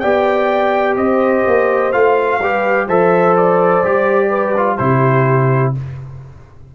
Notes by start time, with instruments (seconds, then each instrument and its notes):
0.00 tuba B3, trombone G4, horn D5, trumpet G5
0.96 tuba C4, horn C5, trumpet D#5
1.47 tuba A#3
1.92 tuba A3, trombone F4, trumpet F5
2.40 tuba G3, trombone G4, horn B4
2.87 tuba F3, trombone A4, horn C5, trumpet E5
3.37 trumpet D5
3.84 tuba G3, trombone G4
4.29 horn B4
4.58 trombone F4
4.77 tuba C3, trombone E4, horn G4, trumpet C5